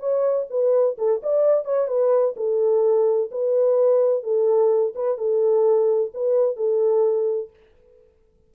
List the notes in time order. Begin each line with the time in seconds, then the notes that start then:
0.00 C#5
0.50 B4
0.98 A4
1.23 D5
1.65 C#5
1.88 B4
2.37 A4
3.31 B4
4.24 A4
4.96 B4
5.18 A4
6.14 B4
6.57 A4